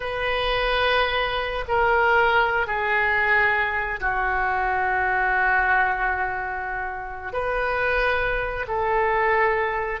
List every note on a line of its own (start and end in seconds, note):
0.00 1.64 B4
1.68 2.66 A#4
2.66 4.00 G#4
4.00 7.32 F#4
7.32 8.65 B4
8.67 10.00 A4